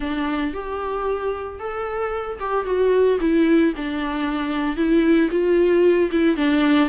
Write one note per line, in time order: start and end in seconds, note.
0.00 0.53 D4
0.53 1.59 G4
1.59 2.39 A4
2.39 2.65 G4
2.65 3.18 F#4
3.20 3.73 E4
3.76 4.76 D4
4.76 5.29 E4
5.30 6.10 F4
6.11 6.36 E4
6.36 6.89 D4